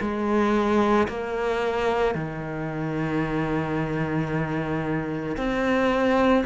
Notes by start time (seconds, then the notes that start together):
0.00 G#3
1.08 A#3
2.14 D#3
5.36 C4